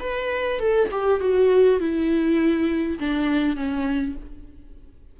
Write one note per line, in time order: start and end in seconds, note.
0.00 0.59 B4
0.59 0.89 A4
0.92 1.21 G4
1.21 1.80 F#4
1.80 2.99 E4
3.00 3.56 D4
3.56 4.16 C#4